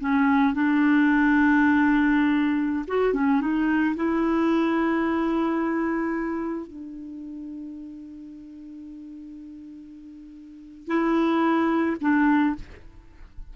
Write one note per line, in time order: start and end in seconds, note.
0.00 0.54 C#4
0.54 2.86 D4
2.87 3.14 F#4
3.14 3.41 C#4
3.41 3.95 D#4
3.95 6.67 E4
6.67 10.87 D4
10.87 11.96 E4
12.01 12.55 D4